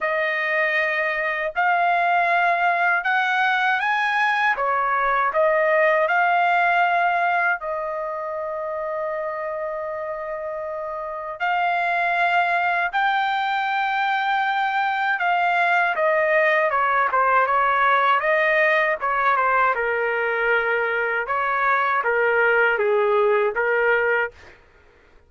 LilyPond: \new Staff \with { instrumentName = "trumpet" } { \time 4/4 \tempo 4 = 79 dis''2 f''2 | fis''4 gis''4 cis''4 dis''4 | f''2 dis''2~ | dis''2. f''4~ |
f''4 g''2. | f''4 dis''4 cis''8 c''8 cis''4 | dis''4 cis''8 c''8 ais'2 | cis''4 ais'4 gis'4 ais'4 | }